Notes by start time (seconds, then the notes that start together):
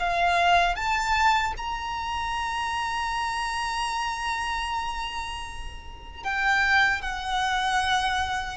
0.00 F5
0.76 A5
1.58 A#5
6.24 G5
7.02 F#5